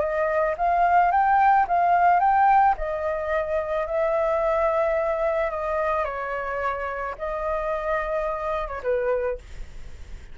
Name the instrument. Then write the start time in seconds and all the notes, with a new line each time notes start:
flute
0.00 D#5
0.58 F5
1.11 G5
1.68 F5
2.20 G5
2.77 D#5
3.87 E5
5.51 D#5
6.05 C#5
7.18 D#5
8.68 C#5
8.83 B4